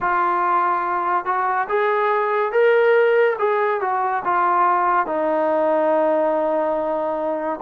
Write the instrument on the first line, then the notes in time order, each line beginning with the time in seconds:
trombone
0.00 F4
1.25 F#4
1.69 G#4
2.51 A#4
3.38 G#4
3.80 F#4
4.24 F4
5.06 D#4